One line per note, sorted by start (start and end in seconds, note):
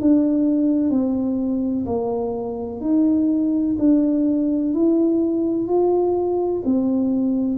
0.00 0.90 D4
0.90 1.85 C4
1.85 2.81 A#3
2.81 3.76 D#4
3.78 4.73 D4
4.73 5.67 E4
5.67 6.62 F4
6.65 7.58 C4